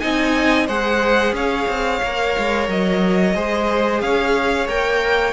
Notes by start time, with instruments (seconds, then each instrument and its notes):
0.00 cello C4, viola D#4, violin D#5 G#5
0.67 cello G#3, viola G#4, violin C5 F#5
1.33 cello C#4, violin C#5 F5
1.68 cello C4
2.03 cello A#3, viola A#4
2.38 cello G#3
2.68 cello F#3, violin D#5
3.35 cello G#3, viola G#4, violin C5
4.01 cello C#4, violin C#5 F5
4.68 cello A#3, viola A#4, violin G5